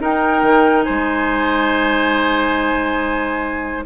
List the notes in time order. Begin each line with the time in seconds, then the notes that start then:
0.00 D#4 A#4 G5
0.43 D#3
0.83 C5 G#5
0.90 G#3